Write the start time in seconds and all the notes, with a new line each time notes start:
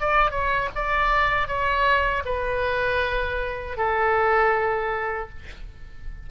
0.00 D5
0.31 C#5
0.75 D5
1.47 C#5
2.25 B4
3.77 A4